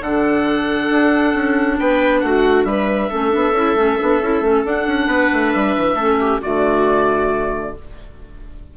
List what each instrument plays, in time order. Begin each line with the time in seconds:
0.00 bassoon D3, clarinet D4, viola A4, oboe F#5
0.90 bassoon D4
1.33 bassoon C#4
1.78 bassoon B3, viola B4, oboe G5
2.20 bassoon A3, viola F#4, oboe F#5
2.64 bassoon G3, viola B4, oboe E5
3.10 bassoon A3, clarinet C#4, viola A4
3.29 bassoon B3, clarinet D4
3.52 bassoon C#4, clarinet E4
3.74 bassoon A3, clarinet C#4
3.99 bassoon B3, clarinet D4
4.20 bassoon C#4, clarinet E4
4.40 bassoon A3, clarinet C#4
4.64 bassoon D4, clarinet D4, oboe F#5
4.86 bassoon C#4
5.06 bassoon B3, viola B4
5.32 bassoon A3
5.52 bassoon G3, oboe E5
5.76 bassoon E3
5.94 bassoon A3, clarinet C#4, viola A4
6.20 viola G4
6.41 bassoon D3, clarinet A3, viola F#4, oboe D5